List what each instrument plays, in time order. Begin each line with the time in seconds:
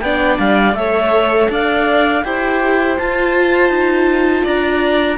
0.00 cello B3, viola D4, violin D5, clarinet G5
0.38 cello G3, clarinet F5
0.74 cello A3, viola A4, violin C#5, clarinet E5
1.50 cello D4, violin D5, clarinet F5
2.24 cello E4, viola G4, violin C5, clarinet G5
2.98 viola F4, cello F4, clarinet A5
3.69 cello D#4
4.44 cello D4, violin D5, clarinet A#5